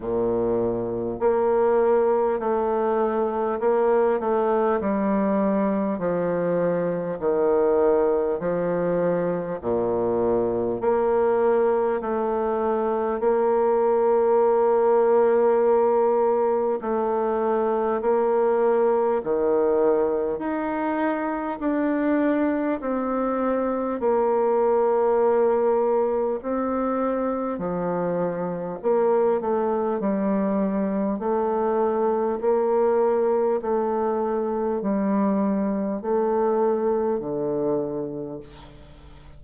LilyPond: \new Staff \with { instrumentName = "bassoon" } { \time 4/4 \tempo 4 = 50 ais,4 ais4 a4 ais8 a8 | g4 f4 dis4 f4 | ais,4 ais4 a4 ais4~ | ais2 a4 ais4 |
dis4 dis'4 d'4 c'4 | ais2 c'4 f4 | ais8 a8 g4 a4 ais4 | a4 g4 a4 d4 | }